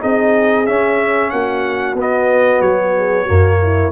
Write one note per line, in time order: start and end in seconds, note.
0.00 0.68 C4
0.00 0.65 D#4
0.00 1.31 G#4
0.00 0.66 D#5
0.66 1.96 C#4
0.66 1.32 C#4
0.66 1.30 E5
1.30 1.94 A#3
1.30 2.96 F#4
1.30 1.95 F#5
1.94 2.60 B3
1.94 3.27 B3
2.01 2.62 D#5
2.61 3.26 F#3
2.61 3.92 C#5
2.97 3.24 G#4
3.24 3.92 F#2
3.24 3.92 A#3
3.24 3.56 F#4
3.62 3.92 E4